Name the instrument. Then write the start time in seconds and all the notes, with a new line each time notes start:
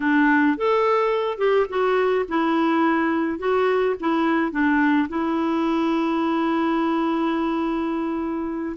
clarinet
0.00 D4
0.57 A4
1.37 G4
1.69 F#4
2.28 E4
3.38 F#4
4.00 E4
4.51 D4
5.08 E4